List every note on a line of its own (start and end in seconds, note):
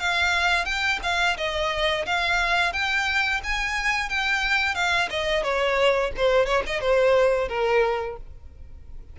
0.00 0.65 F5
0.65 0.99 G5
1.03 1.37 F5
1.38 2.06 D#5
2.06 2.73 F5
2.73 3.41 G5
3.44 4.09 G#5
4.09 4.75 G5
4.75 5.09 F5
5.10 5.44 D#5
5.44 6.12 C#5
6.17 6.46 C5
6.46 6.63 C#5
6.67 6.81 D#5
6.81 7.49 C5
7.49 8.17 A#4